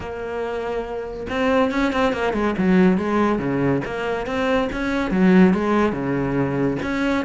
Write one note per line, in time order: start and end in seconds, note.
0.00 1.27 A#3
1.29 1.71 C4
1.71 1.92 C#4
1.92 2.13 C4
2.13 2.33 A#3
2.33 2.54 G#3
2.58 2.97 F#3
2.97 3.38 G#3
3.38 3.81 C#3
3.85 4.26 A#3
4.26 4.68 C4
4.72 5.11 C#4
5.11 5.53 F#3
5.53 5.92 G#3
5.92 6.77 C#3
6.82 7.25 C#4